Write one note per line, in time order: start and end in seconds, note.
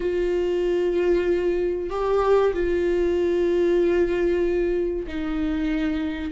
0.00 1.89 F4
1.89 2.53 G4
2.53 5.06 F4
5.07 6.31 D#4